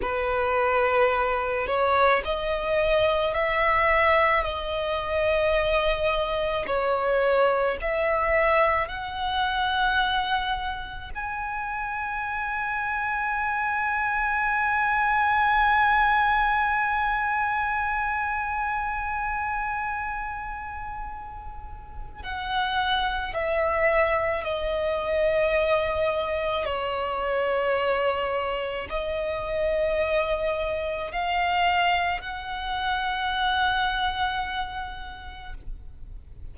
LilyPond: \new Staff \with { instrumentName = "violin" } { \time 4/4 \tempo 4 = 54 b'4. cis''8 dis''4 e''4 | dis''2 cis''4 e''4 | fis''2 gis''2~ | gis''1~ |
gis''1 | fis''4 e''4 dis''2 | cis''2 dis''2 | f''4 fis''2. | }